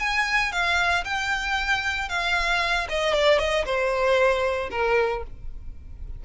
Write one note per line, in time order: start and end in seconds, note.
0.00 0.52 G#5
0.52 1.04 F5
1.05 2.09 G5
2.09 2.87 F5
2.90 3.14 D#5
3.14 3.39 D5
3.39 3.65 D#5
3.65 4.70 C5
4.71 5.23 A#4